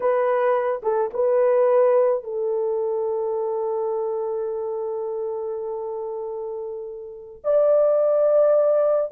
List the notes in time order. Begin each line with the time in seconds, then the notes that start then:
0.00 B4
0.82 A4
1.13 B4
2.23 A4
7.43 D5